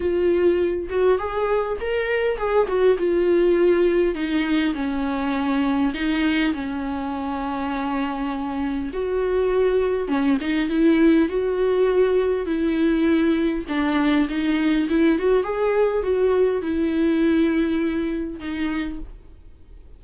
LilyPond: \new Staff \with { instrumentName = "viola" } { \time 4/4 \tempo 4 = 101 f'4. fis'8 gis'4 ais'4 | gis'8 fis'8 f'2 dis'4 | cis'2 dis'4 cis'4~ | cis'2. fis'4~ |
fis'4 cis'8 dis'8 e'4 fis'4~ | fis'4 e'2 d'4 | dis'4 e'8 fis'8 gis'4 fis'4 | e'2. dis'4 | }